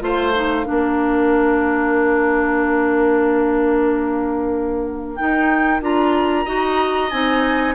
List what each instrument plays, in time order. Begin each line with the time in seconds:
0.00 bassoon A3, clarinet F4, oboe C5, flute F5
0.35 clarinet D#4
0.64 bassoon A#3, clarinet D4, oboe A#4
5.16 clarinet D#4, bassoon D#4, flute G5
5.81 bassoon D4, clarinet F4, flute A#5
6.45 bassoon D#4, clarinet F#4, oboe D#5
7.10 bassoon C4, clarinet D#4, flute G#5